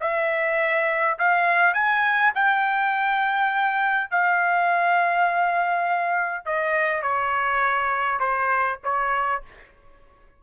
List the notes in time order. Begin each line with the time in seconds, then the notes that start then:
0.00 E5
1.18 F5
1.74 G#5
2.34 G5
4.10 F5
6.45 D#5
7.02 C#5
8.20 C5
8.83 C#5